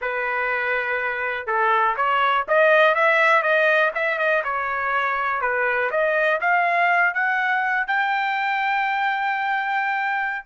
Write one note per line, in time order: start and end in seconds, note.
0.01 1.46 B4
1.46 1.95 A4
1.96 2.45 C#5
2.48 2.94 D#5
2.94 3.42 E5
3.42 3.91 D#5
3.95 4.18 E5
4.18 4.43 D#5
4.44 5.41 C#5
5.41 5.90 B4
5.90 6.40 D#5
6.40 7.14 F5
7.14 7.87 F#5
7.87 10.45 G5